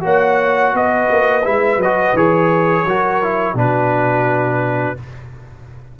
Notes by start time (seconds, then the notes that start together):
0.00 A#3 F#4 C#5 F#5
0.73 B3 B4 D#5
1.10 A#3
1.44 G#3 E4 E5
1.77 F#3 D#5
1.84 F#4
2.13 E3 G#4 C#5
2.85 F#3 F#4 A#4
3.23 E4
3.54 B2 D4 F#4 B4